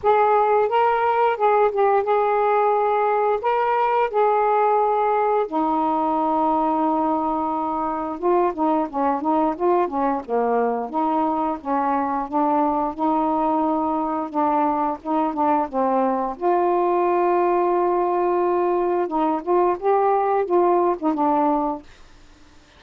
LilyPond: \new Staff \with { instrumentName = "saxophone" } { \time 4/4 \tempo 4 = 88 gis'4 ais'4 gis'8 g'8 gis'4~ | gis'4 ais'4 gis'2 | dis'1 | f'8 dis'8 cis'8 dis'8 f'8 cis'8 ais4 |
dis'4 cis'4 d'4 dis'4~ | dis'4 d'4 dis'8 d'8 c'4 | f'1 | dis'8 f'8 g'4 f'8. dis'16 d'4 | }